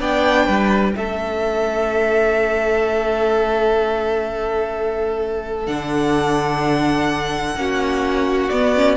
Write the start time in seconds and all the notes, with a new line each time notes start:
0.00 B3 D4 D5 G5
0.45 G3 B4
0.95 A3 C#4 A4 E5
5.66 D3 D4 F#5
7.56 A#3 C#4 F#4
8.49 B3 D5
8.76 C#4